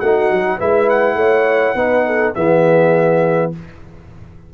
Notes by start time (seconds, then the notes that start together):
0.00 A3 D#4 F#4 F#5
0.31 F#3
0.58 G#3 E4 B4 E5
0.89 F#5
1.15 A3 C#5
1.75 B3 D#4 B4
2.07 A4
2.35 E3 B3 G#4 E5